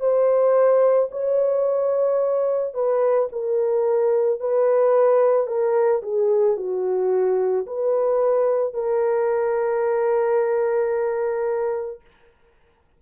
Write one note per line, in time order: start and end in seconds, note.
0.00 1.09 C5
1.12 2.74 C#5
2.74 3.29 B4
3.32 4.40 A#4
4.40 5.47 B4
5.47 6.01 A#4
6.02 6.57 G#4
6.57 7.66 F#4
7.67 8.74 B4
8.74 12.01 A#4